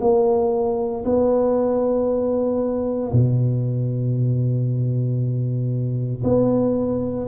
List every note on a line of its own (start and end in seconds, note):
0.00 1.03 A#3
1.04 3.11 B3
3.12 6.23 B2
6.23 7.26 B3